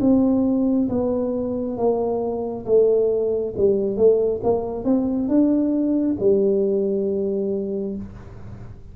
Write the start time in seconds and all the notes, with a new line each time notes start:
0.00 C4
0.89 B3
1.77 A#3
2.66 A3
3.57 G3
3.97 A3
4.43 A#3
4.84 C4
5.28 D4
6.19 G3